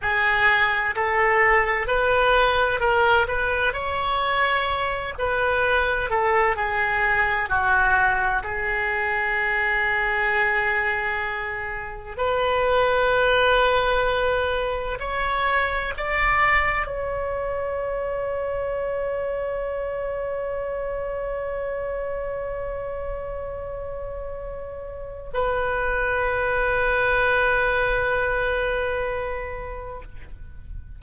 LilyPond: \new Staff \with { instrumentName = "oboe" } { \time 4/4 \tempo 4 = 64 gis'4 a'4 b'4 ais'8 b'8 | cis''4. b'4 a'8 gis'4 | fis'4 gis'2.~ | gis'4 b'2. |
cis''4 d''4 cis''2~ | cis''1~ | cis''2. b'4~ | b'1 | }